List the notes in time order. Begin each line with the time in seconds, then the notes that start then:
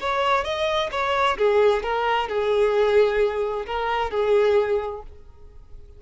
0.00 C#5
0.44 D#5
0.92 C#5
1.38 G#4
1.83 A#4
2.28 G#4
3.66 A#4
4.11 G#4